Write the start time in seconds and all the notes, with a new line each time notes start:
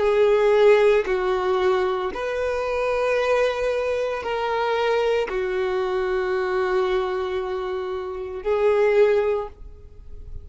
0.00 G#4
1.06 F#4
2.15 B4
4.23 A#4
5.29 F#4
8.44 G#4